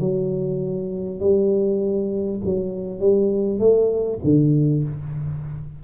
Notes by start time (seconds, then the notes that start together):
0.00 F#3
1.20 G3
2.45 F#3
3.00 G3
3.59 A3
4.24 D3